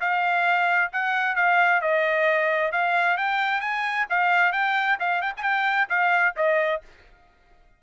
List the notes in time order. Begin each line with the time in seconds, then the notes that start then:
0.00 F5
0.92 F#5
1.35 F5
1.81 D#5
2.71 F5
3.17 G5
3.61 G#5
4.09 F5
4.52 G5
4.99 F5
5.21 G5
5.37 G5 G#5
5.89 F5
6.36 D#5